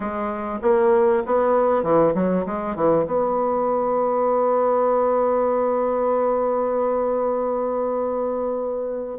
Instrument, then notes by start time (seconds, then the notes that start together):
bassoon
0.00 G#3
0.62 A#3
1.26 B3
1.83 E3
2.14 F#3
2.46 G#3
2.75 E3
3.06 B3